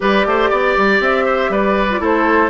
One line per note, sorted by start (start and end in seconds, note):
0.00 0.26 G3
0.00 1.89 G4
0.00 0.25 B4
0.00 1.02 D5
0.26 0.50 A3
0.26 0.49 C5
0.49 0.75 B3
0.49 1.25 D5
0.77 1.00 G3
1.00 1.49 C4
1.00 1.52 E5
1.25 1.50 C5
1.49 1.99 G3
1.49 2.00 B4
1.49 2.03 D5
1.89 1.98 F4
1.98 2.50 A3
1.98 2.49 E4
1.98 2.50 A4
1.98 2.50 C5